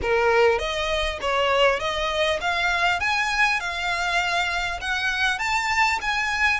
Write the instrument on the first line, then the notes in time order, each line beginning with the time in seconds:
violin
0.01 A#4
0.58 D#5
1.21 C#5
1.79 D#5
2.40 F5
3.00 G#5
3.59 F5
4.81 F#5
5.38 A5
6.01 G#5